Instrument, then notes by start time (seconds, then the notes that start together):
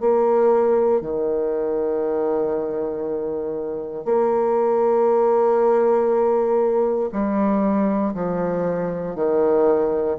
bassoon
0.00 A#3
1.01 D#3
4.05 A#3
7.12 G3
8.14 F3
9.15 D#3